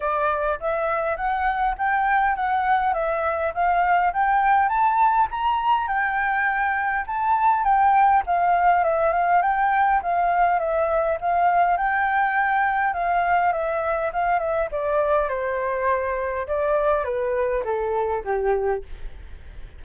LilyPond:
\new Staff \with { instrumentName = "flute" } { \time 4/4 \tempo 4 = 102 d''4 e''4 fis''4 g''4 | fis''4 e''4 f''4 g''4 | a''4 ais''4 g''2 | a''4 g''4 f''4 e''8 f''8 |
g''4 f''4 e''4 f''4 | g''2 f''4 e''4 | f''8 e''8 d''4 c''2 | d''4 b'4 a'4 g'4 | }